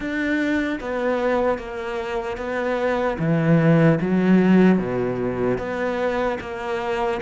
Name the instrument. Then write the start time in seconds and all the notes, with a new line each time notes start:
cello
0.00 D4
0.80 B3
1.58 A#3
2.37 B3
3.18 E3
4.00 F#3
4.78 B2
5.58 B3
6.40 A#3